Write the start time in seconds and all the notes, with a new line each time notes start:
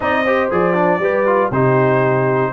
0.00 C4 D#4 D5 D#5
0.24 G4 C5
0.51 F3 G#4 D5
0.74 D4
0.99 G3 G4 B4
1.26 F4
1.49 C3 D#4 G4 C5